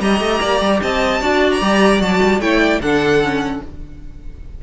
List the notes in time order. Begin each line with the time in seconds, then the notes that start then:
0.00 G3 G4 D#5 A#5
0.20 A3
0.41 A#3 D5
0.61 G3
0.82 C4 D#5 A5
1.21 D4 F#4 D5
1.51 A#5
1.61 G3 G4
2.00 F#3 F#4 A5
2.22 G3
2.40 A3 E4 C#5 G5
2.60 D5
2.80 D3 D4 A4 F#5
3.23 C#4